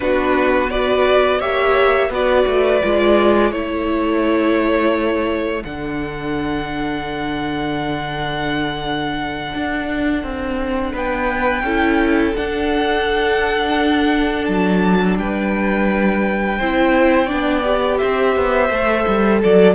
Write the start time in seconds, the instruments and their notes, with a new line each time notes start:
0.00 cello B3, viola D4, violin F#4 B4
0.70 viola F#4, violin B4 D5
1.38 cello A#3, viola G4, violin C#5 E5
2.09 cello B3, viola F#4, violin B4 D5
2.46 cello A3
2.82 cello G#3, viola F4
3.51 cello A3, viola E4, violin A4 C#5
5.64 cello D3, viola D4, violin F#5
9.54 cello D4
10.23 cello C4
10.92 cello B3, violin B4 G5
11.62 cello C#4, viola E4, violin A4
12.35 viola D4, cello D4, violin F#5
14.45 cello F#3, violin A5
15.18 cello G3, violin B4 G5
16.58 cello C4, viola E4, violin C5
17.26 cello B3, viola D4, violin D5
17.63 viola G4
17.97 cello C4, violin C5 E5
18.36 cello B3
18.69 cello A3, viola A4
19.07 cello G3
19.41 cello F#3, violin A4 D5